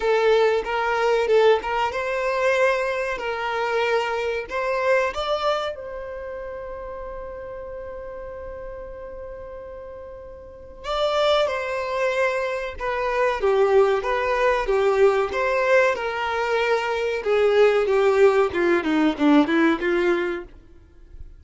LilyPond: \new Staff \with { instrumentName = "violin" } { \time 4/4 \tempo 4 = 94 a'4 ais'4 a'8 ais'8 c''4~ | c''4 ais'2 c''4 | d''4 c''2.~ | c''1~ |
c''4 d''4 c''2 | b'4 g'4 b'4 g'4 | c''4 ais'2 gis'4 | g'4 f'8 dis'8 d'8 e'8 f'4 | }